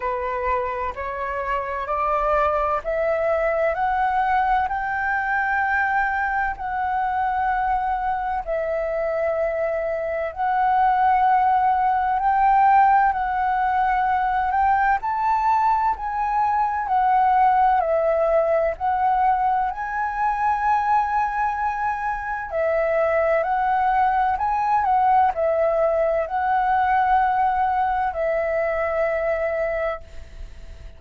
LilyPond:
\new Staff \with { instrumentName = "flute" } { \time 4/4 \tempo 4 = 64 b'4 cis''4 d''4 e''4 | fis''4 g''2 fis''4~ | fis''4 e''2 fis''4~ | fis''4 g''4 fis''4. g''8 |
a''4 gis''4 fis''4 e''4 | fis''4 gis''2. | e''4 fis''4 gis''8 fis''8 e''4 | fis''2 e''2 | }